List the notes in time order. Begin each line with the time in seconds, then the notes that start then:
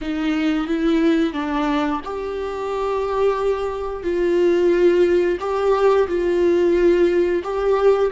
0.01 D#4
0.67 E4
1.33 D4
2.04 G4
4.03 F4
5.40 G4
6.07 F4
7.43 G4